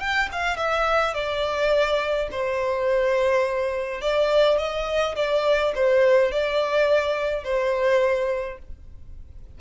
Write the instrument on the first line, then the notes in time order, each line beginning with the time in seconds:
violin
0.00 G5
0.32 F5
0.57 E5
1.14 D5
2.31 C5
4.01 D5
4.58 D#5
5.16 D5
5.75 C5
6.32 D5
7.44 C5